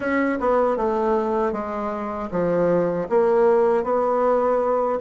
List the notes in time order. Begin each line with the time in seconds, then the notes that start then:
0.00 C#4
0.40 B3
0.77 A3
1.52 G#3
2.31 F3
3.09 A#3
3.83 B3